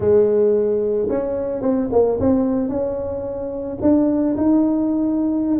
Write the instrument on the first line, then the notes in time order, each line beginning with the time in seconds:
tuba
0.00 G#3
1.09 C#4
1.61 C4
1.92 A#3
2.20 C4
2.68 C#4
3.81 D4
4.36 D#4